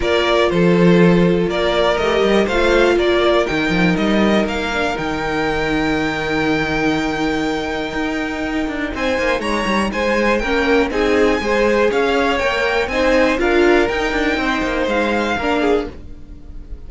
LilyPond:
<<
  \new Staff \with { instrumentName = "violin" } { \time 4/4 \tempo 4 = 121 d''4 c''2 d''4 | dis''4 f''4 d''4 g''4 | dis''4 f''4 g''2~ | g''1~ |
g''2 gis''4 ais''4 | gis''4 g''4 gis''2 | f''4 g''4 gis''4 f''4 | g''2 f''2 | }
  \new Staff \with { instrumentName = "violin" } { \time 4/4 ais'4 a'2 ais'4~ | ais'4 c''4 ais'2~ | ais'1~ | ais'1~ |
ais'2 c''4 cis''4 | c''4 ais'4 gis'4 c''4 | cis''2 c''4 ais'4~ | ais'4 c''2 ais'8 gis'8 | }
  \new Staff \with { instrumentName = "viola" } { \time 4/4 f'1 | g'4 f'2 dis'4~ | dis'4. d'8 dis'2~ | dis'1~ |
dis'1~ | dis'4 cis'4 dis'4 gis'4~ | gis'4 ais'4 dis'4 f'4 | dis'2. d'4 | }
  \new Staff \with { instrumentName = "cello" } { \time 4/4 ais4 f2 ais4 | a8 g8 a4 ais4 dis8 f8 | g4 ais4 dis2~ | dis1 |
dis'4. d'8 c'8 ais8 gis8 g8 | gis4 ais4 c'4 gis4 | cis'4 ais4 c'4 d'4 | dis'8 d'8 c'8 ais8 gis4 ais4 | }
>>